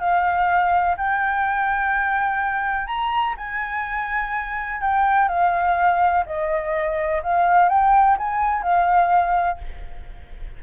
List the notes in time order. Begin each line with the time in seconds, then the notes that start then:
0.00 F5
0.98 G5
2.87 A#5
3.38 G#5
4.82 G5
5.29 F5
6.26 D#5
7.23 F5
7.69 G5
8.18 G#5
8.63 F5